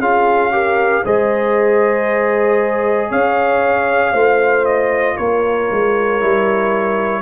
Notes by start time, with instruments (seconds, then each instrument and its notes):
0.00 tuba C#4, trombone F4, horn G#4, trumpet F5
0.52 trombone G4, horn A#4
1.04 tuba G#3, trombone G#4, horn C5, trumpet D#5
3.10 tuba C#4, horn C#5, trumpet F5
4.12 tuba A3, trombone F4, horn C5
4.66 trumpet D#5
5.16 tuba A#3, horn A#4, trumpet C#5
5.71 tuba G#3
6.20 tuba G3, trombone E4